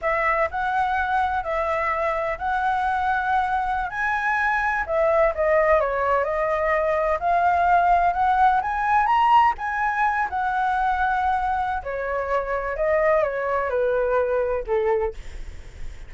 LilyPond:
\new Staff \with { instrumentName = "flute" } { \time 4/4 \tempo 4 = 127 e''4 fis''2 e''4~ | e''4 fis''2.~ | fis''16 gis''2 e''4 dis''8.~ | dis''16 cis''4 dis''2 f''8.~ |
f''4~ f''16 fis''4 gis''4 ais''8.~ | ais''16 gis''4. fis''2~ fis''16~ | fis''4 cis''2 dis''4 | cis''4 b'2 a'4 | }